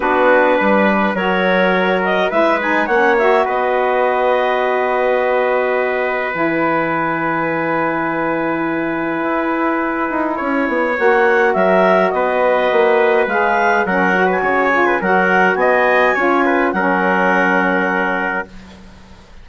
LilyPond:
<<
  \new Staff \with { instrumentName = "clarinet" } { \time 4/4 \tempo 4 = 104 b'2 cis''4. dis''8 | e''8 gis''8 fis''8 e''8 dis''2~ | dis''2. gis''4~ | gis''1~ |
gis''2. fis''4 | e''4 dis''2 f''4 | fis''8. gis''4~ gis''16 fis''4 gis''4~ | gis''4 fis''2. | }
  \new Staff \with { instrumentName = "trumpet" } { \time 4/4 fis'4 b'4 ais'2 | b'4 cis''4 b'2~ | b'1~ | b'1~ |
b'2 cis''2 | ais'4 b'2. | ais'8. b'16 cis''8. b'16 ais'4 dis''4 | cis''8 b'8 ais'2. | }
  \new Staff \with { instrumentName = "saxophone" } { \time 4/4 d'2 fis'2 | e'8 dis'8 cis'8 fis'2~ fis'8~ | fis'2. e'4~ | e'1~ |
e'2. fis'4~ | fis'2. gis'4 | cis'8 fis'4 f'8 fis'2 | f'4 cis'2. | }
  \new Staff \with { instrumentName = "bassoon" } { \time 4/4 b4 g4 fis2 | gis4 ais4 b2~ | b2. e4~ | e1 |
e'4. dis'8 cis'8 b8 ais4 | fis4 b4 ais4 gis4 | fis4 cis4 fis4 b4 | cis'4 fis2. | }
>>